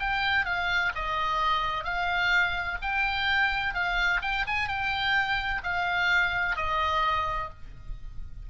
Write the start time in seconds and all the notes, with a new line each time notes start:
0.00 G5
0.46 F5
0.95 D#5
1.85 F5
2.82 G5
3.75 F5
4.22 G5
4.47 G#5
4.68 G5
5.63 F5
6.56 D#5